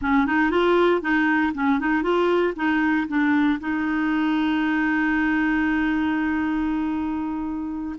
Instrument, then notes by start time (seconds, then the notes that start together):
clarinet
0.01 C#4
0.26 D#4
0.50 F4
1.01 D#4
1.54 C#4
1.79 D#4
2.02 F4
2.55 D#4
3.08 D4
3.60 D#4